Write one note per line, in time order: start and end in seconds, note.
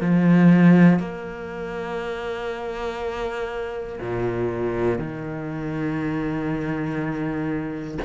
0.00 0.99 F3
0.99 3.99 A#3
4.00 4.98 A#2
4.98 7.98 D#3